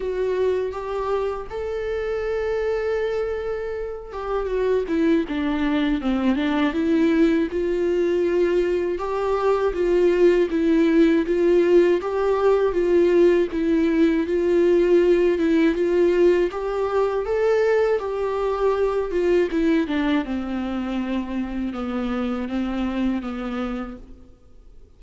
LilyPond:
\new Staff \with { instrumentName = "viola" } { \time 4/4 \tempo 4 = 80 fis'4 g'4 a'2~ | a'4. g'8 fis'8 e'8 d'4 | c'8 d'8 e'4 f'2 | g'4 f'4 e'4 f'4 |
g'4 f'4 e'4 f'4~ | f'8 e'8 f'4 g'4 a'4 | g'4. f'8 e'8 d'8 c'4~ | c'4 b4 c'4 b4 | }